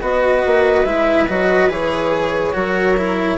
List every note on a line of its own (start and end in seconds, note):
0.00 0.43 B3
0.00 0.85 F#4
0.00 2.55 B4
0.00 0.85 D#5
0.45 0.84 A#3
0.84 1.27 G#3
0.84 1.27 E4
0.84 1.27 E5
1.28 1.69 F#3
1.28 1.69 F#4
1.28 1.70 D#5
1.69 2.53 E3
1.69 2.52 G#4
1.69 3.37 C#5
2.52 3.37 F#3
2.52 2.95 F#4
2.52 3.37 A#4
2.96 3.37 E4